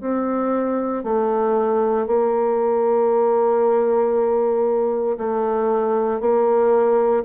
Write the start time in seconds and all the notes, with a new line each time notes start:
0.00 C4
1.03 A3
2.07 A#3
5.18 A3
6.20 A#3